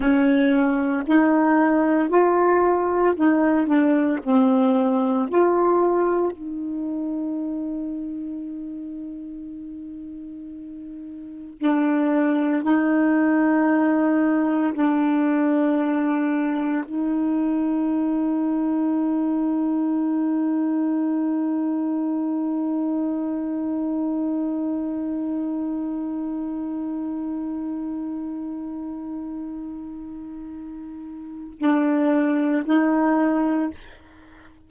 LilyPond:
\new Staff \with { instrumentName = "saxophone" } { \time 4/4 \tempo 4 = 57 cis'4 dis'4 f'4 dis'8 d'8 | c'4 f'4 dis'2~ | dis'2. d'4 | dis'2 d'2 |
dis'1~ | dis'1~ | dis'1~ | dis'2 d'4 dis'4 | }